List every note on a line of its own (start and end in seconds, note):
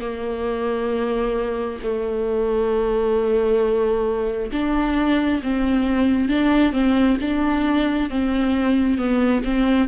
0.00 1.79 A#3
1.83 4.51 A3
4.52 5.41 D4
5.42 6.28 C4
6.28 6.72 D4
6.72 7.17 C4
7.21 8.09 D4
8.09 8.98 C4
8.98 9.42 B3
9.44 9.88 C4